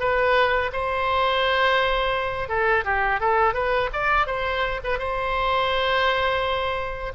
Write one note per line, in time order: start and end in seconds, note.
0.00 0.71 B4
0.73 2.49 C5
2.49 2.84 A4
2.85 3.20 G4
3.21 3.54 A4
3.54 3.90 B4
3.93 4.27 D5
4.27 4.80 C5
4.84 4.99 B4
4.99 7.13 C5